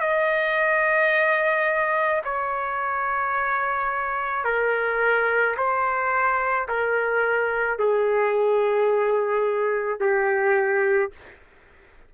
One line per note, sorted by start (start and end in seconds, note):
0.00 2.22 D#5
2.25 4.45 C#5
4.45 5.56 A#4
5.57 6.68 C5
6.69 7.79 A#4
7.79 10.01 G#4
10.01 11.12 G4